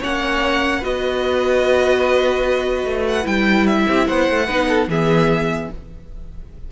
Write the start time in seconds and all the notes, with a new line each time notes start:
0.00 A#3 C#4 C#5 F#5
0.80 B3 F#4 B4 D#5
2.85 A3
3.08 F#5
3.23 G3 E4 G5
3.67 E5
3.88 C4 G4
4.07 B3 C5 F#5
4.30 A3
4.47 B3 D#4 B4
4.69 A4
4.88 E3 B3 G#4 E5